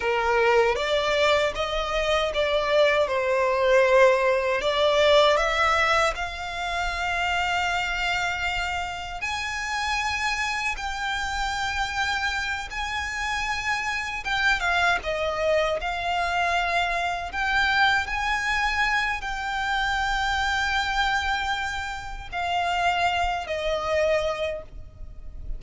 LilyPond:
\new Staff \with { instrumentName = "violin" } { \time 4/4 \tempo 4 = 78 ais'4 d''4 dis''4 d''4 | c''2 d''4 e''4 | f''1 | gis''2 g''2~ |
g''8 gis''2 g''8 f''8 dis''8~ | dis''8 f''2 g''4 gis''8~ | gis''4 g''2.~ | g''4 f''4. dis''4. | }